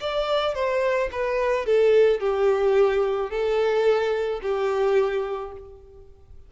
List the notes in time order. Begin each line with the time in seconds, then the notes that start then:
0.00 D5
0.54 C5
1.12 B4
1.66 A4
2.20 G4
3.30 A4
4.42 G4